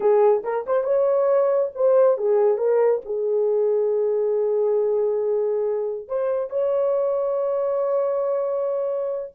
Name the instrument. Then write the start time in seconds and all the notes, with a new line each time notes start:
horn
0.00 G#4
0.43 A#4
0.66 C5
0.83 C#5
1.74 C5
2.17 G#4
2.57 A#4
3.05 G#4
6.08 C5
6.49 C#5